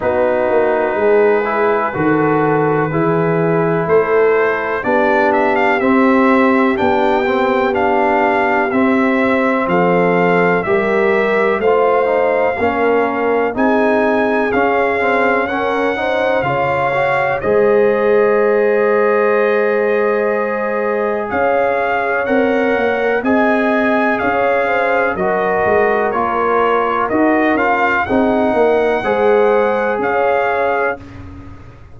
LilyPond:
<<
  \new Staff \with { instrumentName = "trumpet" } { \time 4/4 \tempo 4 = 62 b'1 | c''4 d''8 e''16 f''16 e''4 g''4 | f''4 e''4 f''4 e''4 | f''2 gis''4 f''4 |
fis''4 f''4 dis''2~ | dis''2 f''4 fis''4 | gis''4 f''4 dis''4 cis''4 | dis''8 f''8 fis''2 f''4 | }
  \new Staff \with { instrumentName = "horn" } { \time 4/4 fis'4 gis'4 a'4 gis'4 | a'4 g'2.~ | g'2 a'4 ais'4 | c''4 ais'4 gis'2 |
ais'8 c''8 cis''4 c''2~ | c''2 cis''2 | dis''4 cis''8 c''8 ais'2~ | ais'4 gis'8 ais'8 c''4 cis''4 | }
  \new Staff \with { instrumentName = "trombone" } { \time 4/4 dis'4. e'8 fis'4 e'4~ | e'4 d'4 c'4 d'8 c'8 | d'4 c'2 g'4 | f'8 dis'8 cis'4 dis'4 cis'8 c'8 |
cis'8 dis'8 f'8 fis'8 gis'2~ | gis'2. ais'4 | gis'2 fis'4 f'4 | fis'8 f'8 dis'4 gis'2 | }
  \new Staff \with { instrumentName = "tuba" } { \time 4/4 b8 ais8 gis4 dis4 e4 | a4 b4 c'4 b4~ | b4 c'4 f4 g4 | a4 ais4 c'4 cis'4~ |
cis'4 cis4 gis2~ | gis2 cis'4 c'8 ais8 | c'4 cis'4 fis8 gis8 ais4 | dis'8 cis'8 c'8 ais8 gis4 cis'4 | }
>>